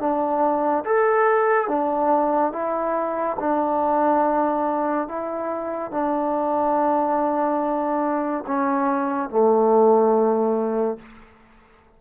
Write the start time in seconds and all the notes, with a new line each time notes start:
0.00 D4
0.85 A4
1.69 D4
2.53 E4
3.40 D4
5.08 E4
5.92 D4
8.47 C#4
9.30 A3